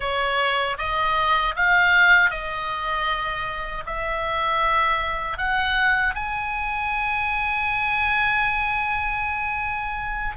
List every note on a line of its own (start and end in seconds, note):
0.00 0.77 C#5
0.77 1.54 D#5
1.56 2.30 F5
2.30 3.84 D#5
3.86 5.37 E5
5.37 6.14 F#5
6.15 10.36 G#5